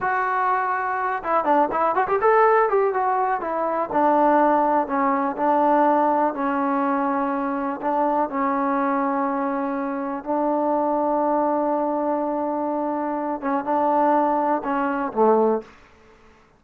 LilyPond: \new Staff \with { instrumentName = "trombone" } { \time 4/4 \tempo 4 = 123 fis'2~ fis'8 e'8 d'8 e'8 | fis'16 g'16 a'4 g'8 fis'4 e'4 | d'2 cis'4 d'4~ | d'4 cis'2. |
d'4 cis'2.~ | cis'4 d'2.~ | d'2.~ d'8 cis'8 | d'2 cis'4 a4 | }